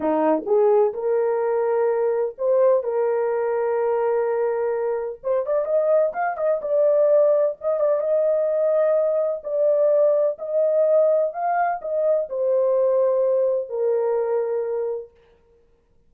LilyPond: \new Staff \with { instrumentName = "horn" } { \time 4/4 \tempo 4 = 127 dis'4 gis'4 ais'2~ | ais'4 c''4 ais'2~ | ais'2. c''8 d''8 | dis''4 f''8 dis''8 d''2 |
dis''8 d''8 dis''2. | d''2 dis''2 | f''4 dis''4 c''2~ | c''4 ais'2. | }